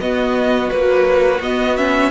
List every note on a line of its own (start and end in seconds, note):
0.00 0.71 B3
0.00 0.72 B3
0.00 2.11 F#4
0.00 0.70 D#5
0.70 1.43 F#3
0.70 1.40 A#3
0.70 1.41 B4
1.40 2.11 B3
1.40 1.77 B3
1.40 1.77 D#5
1.77 2.11 C#4
1.77 2.11 E5